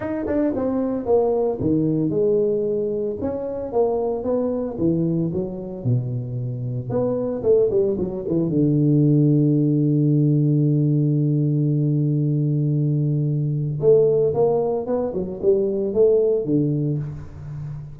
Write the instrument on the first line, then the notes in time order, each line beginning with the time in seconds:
tuba
0.00 D#4
0.27 D4
0.55 C4
1.05 A#3
1.60 D#3
2.10 G#3
3.21 C#4
3.72 A#3
4.23 B3
4.78 E3
5.33 F#3
5.83 B2
6.89 B3
7.43 A3
7.70 G3
7.97 F#3
8.27 E3
8.49 D3
13.80 A3
14.34 A#3
14.86 B3
15.13 F#3
15.42 G3
15.93 A3
16.45 D3